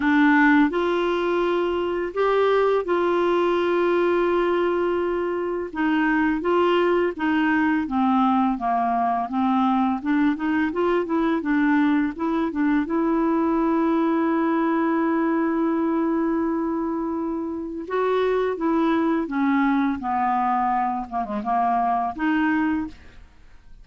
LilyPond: \new Staff \with { instrumentName = "clarinet" } { \time 4/4 \tempo 4 = 84 d'4 f'2 g'4 | f'1 | dis'4 f'4 dis'4 c'4 | ais4 c'4 d'8 dis'8 f'8 e'8 |
d'4 e'8 d'8 e'2~ | e'1~ | e'4 fis'4 e'4 cis'4 | b4. ais16 gis16 ais4 dis'4 | }